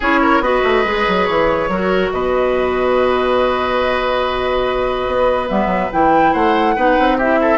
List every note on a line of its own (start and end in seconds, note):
0.00 0.40 C#4
0.00 0.43 E4
0.00 0.19 G#4
0.00 0.42 C#5
0.22 0.43 A#4
0.40 0.61 B3
0.40 0.85 F#4
0.40 1.70 B4
0.40 1.25 D#5
0.63 0.84 A3
0.84 1.06 G#3
0.84 1.70 G#4
1.07 1.28 F#3
1.25 1.68 E3
1.25 2.09 C#5
1.68 2.10 F#3
1.68 5.48 F#4
1.68 2.12 A#4
2.10 5.06 B2
2.10 6.32 B4
2.10 5.49 D#5
5.07 5.49 B3
5.48 5.66 G3
5.48 5.90 B3
5.48 5.91 E5
5.66 5.87 F#3
5.92 6.34 E3
5.92 6.76 E4
5.92 6.33 G5
6.32 6.76 A3
6.32 6.74 C5
6.32 7.17 F#5
6.76 6.97 B3
6.76 7.19 D#4
6.76 7.17 B4
6.98 7.58 C4
7.17 7.58 E4
7.17 7.38 G4
7.17 7.58 E5
7.41 7.58 A4